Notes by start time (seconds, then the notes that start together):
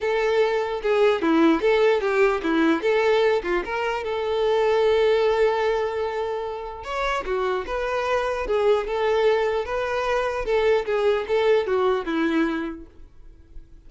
0.01 A4
0.82 G#4
1.22 E4
1.61 A4
2.00 G4
2.43 E4
2.82 A4
3.43 F4
3.64 A#4
4.03 A4
6.84 C#5
7.25 F#4
7.66 B4
8.46 G#4
8.87 A4
9.65 B4
10.45 A4
10.85 G#4
11.27 A4
11.66 F#4
12.05 E4